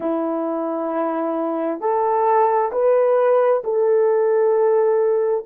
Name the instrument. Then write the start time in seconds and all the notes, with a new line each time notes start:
horn
0.00 E4
1.80 A4
2.71 B4
3.64 A4